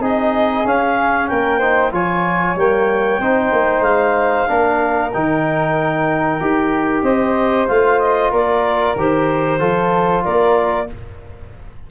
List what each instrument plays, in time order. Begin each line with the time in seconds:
0.00 tuba C4, trombone D#4, flute G#4, clarinet D#5
0.65 tuba C#4, trombone C#4, clarinet F5
1.28 tuba A#3, flute A#4, clarinet G5
1.59 trombone D#4, flute C5
1.92 tuba F3, trombone F4, flute C#5, clarinet G#5
2.56 tuba G3, trombone A#3, clarinet G5
3.20 tuba C4, trombone D#4, flute C5
3.52 tuba A#3
3.80 tuba G#3, clarinet F5
4.48 tuba A#3, trombone D4, flute A#4
5.13 tuba D#3, trombone D#4, clarinet G5
6.41 tuba D#4, trombone G4
7.03 tuba C4, flute C5, clarinet D#5
7.68 tuba A3, trombone F4, clarinet F5
8.00 clarinet D#5
8.31 tuba A#3, flute A#4, clarinet D5
8.96 tuba D#3, trombone G4, clarinet C5
9.59 tuba F3, trombone F4, flute A4
10.24 tuba A#3, flute A#4, clarinet D5